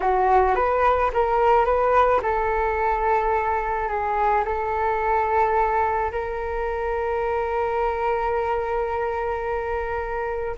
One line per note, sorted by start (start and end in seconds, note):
0.00 0.55 F#4
0.55 1.10 B4
1.13 1.65 A#4
1.65 2.20 B4
2.22 3.88 A4
3.88 4.44 G#4
4.44 6.11 A4
6.11 10.56 A#4